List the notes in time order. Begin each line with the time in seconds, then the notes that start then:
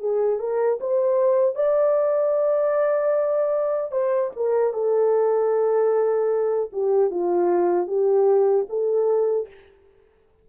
0.00 G#4
0.39 A#4
0.81 C5
1.55 D5
3.92 C5
4.36 A#4
4.73 A4
6.73 G4
7.11 F4
7.87 G4
8.69 A4